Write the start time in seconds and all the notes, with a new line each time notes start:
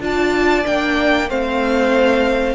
0.00 D4 F4 D5 A5
0.65 A#3 D4 G5
1.29 A3 C4 C5 F5